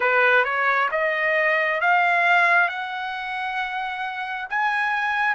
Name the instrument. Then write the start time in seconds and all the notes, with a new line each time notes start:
trumpet
0.00 B4
0.44 C#5
0.91 D#5
1.80 F5
2.68 F#5
4.49 G#5